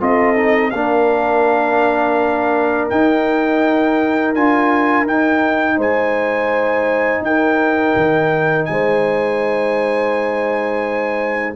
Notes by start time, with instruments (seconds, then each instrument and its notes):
0.00 tuba C4, trombone F4, horn A4, trumpet D#5
0.36 trombone D#4
0.71 tuba A#3, trombone D4, horn A#4, trumpet F5
2.90 trombone D#4, tuba D#4, trumpet G5
4.34 tuba D4, trombone F4, trumpet G#5
5.06 tuba D#4, trombone D#4, trumpet G5
5.77 tuba G#3, horn C5, trumpet G#5
7.21 tuba D#4, horn A#4, trumpet G5
7.96 tuba D#3
8.65 tuba G#3, horn C5, trumpet G#5